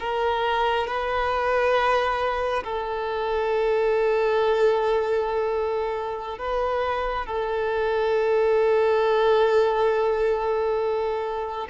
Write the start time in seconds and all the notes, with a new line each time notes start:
0.00 A#4
0.87 B4
2.64 A4
6.39 B4
7.26 A4